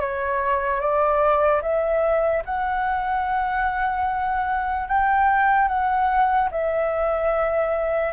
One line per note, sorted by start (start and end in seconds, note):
0.00 0.80 C#5
0.80 1.61 D5
1.62 2.43 E5
2.45 4.88 F#5
4.88 5.68 G5
5.68 6.49 F#5
6.51 8.13 E5